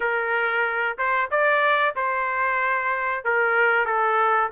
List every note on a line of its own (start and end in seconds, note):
0.00 0.97 A#4
0.97 1.30 C5
1.30 1.95 D5
1.95 3.24 C5
3.24 3.85 A#4
3.85 4.50 A4